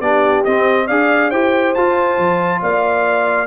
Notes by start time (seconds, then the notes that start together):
0.00 B3 D4 G4 D5
0.44 C4 D#5
0.86 D4 G#4 D5 F5
1.30 E4 G4 C5 G5
1.75 F4 A5
2.18 F3
2.62 A#3 D5 F5